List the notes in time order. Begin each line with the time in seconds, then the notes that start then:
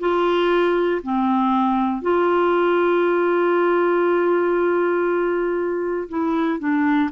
0.00 F4
1.03 C4
2.02 F4
6.09 E4
6.59 D4